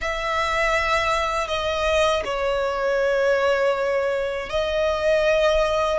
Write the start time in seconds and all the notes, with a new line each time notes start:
0.01 E5
1.47 D#5
2.25 C#5
4.49 D#5